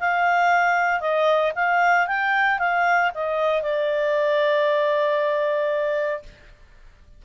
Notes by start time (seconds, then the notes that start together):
0.00 F5
1.00 D#5
1.55 F5
2.07 G5
2.59 F5
3.14 D#5
3.62 D5